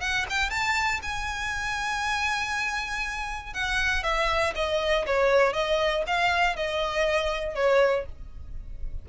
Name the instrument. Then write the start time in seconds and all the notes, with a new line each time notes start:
violin
0.00 F#5
0.29 G5
0.50 A5
1.02 G#5
3.54 F#5
4.03 E5
4.55 D#5
5.06 C#5
5.53 D#5
6.07 F5
6.56 D#5
7.55 C#5